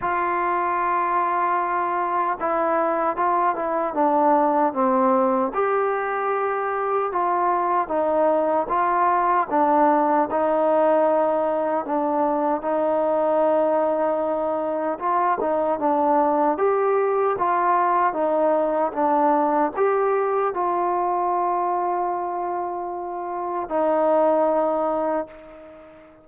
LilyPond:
\new Staff \with { instrumentName = "trombone" } { \time 4/4 \tempo 4 = 76 f'2. e'4 | f'8 e'8 d'4 c'4 g'4~ | g'4 f'4 dis'4 f'4 | d'4 dis'2 d'4 |
dis'2. f'8 dis'8 | d'4 g'4 f'4 dis'4 | d'4 g'4 f'2~ | f'2 dis'2 | }